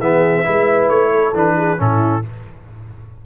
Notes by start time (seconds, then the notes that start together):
0.00 E3 B3 G#4 E5
0.44 G#3 E4 B4
0.89 A3 C#5
1.11 A4
1.34 E3 D4 B4
1.57 G#4
1.78 A2 C#4 E4 A4